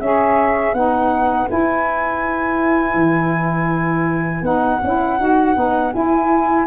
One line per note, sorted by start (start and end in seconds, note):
0.00 0.73 C#4
0.00 0.74 C#4
0.00 0.76 G#4
0.00 0.74 E5
0.73 1.47 B3
0.73 1.48 D#4
0.73 6.66 B4
0.73 1.48 F#5
1.48 4.43 E4
1.48 2.94 E4
1.48 4.44 G#5
2.94 4.41 E3
4.41 4.78 B3
4.41 4.80 D#4
4.41 5.92 F#5
4.83 5.19 C#4
4.83 5.19 E4
5.19 5.56 D#4
5.19 5.54 F#4
5.54 5.93 B3
5.54 5.92 D#4
5.92 6.66 E4
5.92 6.66 G#5